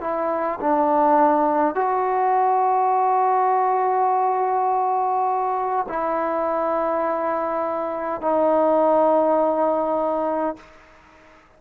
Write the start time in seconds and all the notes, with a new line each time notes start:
0.00 E4
0.60 D4
1.74 F#4
5.88 E4
8.21 D#4